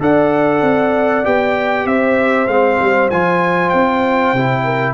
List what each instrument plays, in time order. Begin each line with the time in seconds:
0.00 tuba D4, trombone A4, horn D5, trumpet F#5
0.62 tuba C4
1.24 tuba B3, trombone G4, trumpet G5
1.85 tuba C4, horn C5, trumpet E5
2.47 tuba G#3, trombone C4, trumpet F5
2.79 tuba G3
3.10 tuba F3, trombone F4, trumpet G#5
3.69 tuba C4, trumpet G5
4.33 tuba C3, trombone E4
4.64 horn A#4